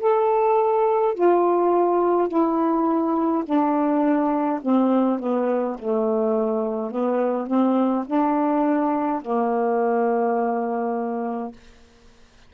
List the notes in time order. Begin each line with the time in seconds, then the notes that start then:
0.00 A4
1.14 F4
2.29 E4
3.45 D4
4.62 C4
5.19 B3
5.79 A3
6.91 B3
7.47 C4
8.07 D4
9.22 A#3